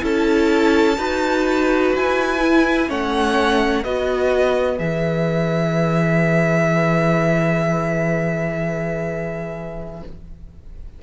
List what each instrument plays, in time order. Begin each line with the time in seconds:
0.00 cello C#4, viola E4, violin A4 A5
0.97 cello D#4, viola F#4, violin B4
1.95 cello E4, violin G#5
2.38 viola E4
2.87 cello A3, viola C#4, violin C#5 F#5
3.83 cello B3, viola F#4, violin B4 D#5
4.77 cello E3, viola G#4, violin E5